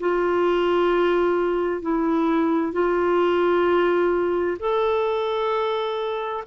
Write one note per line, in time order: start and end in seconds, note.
0.00 1.82 F4
1.82 2.73 E4
2.73 4.57 F4
4.59 6.44 A4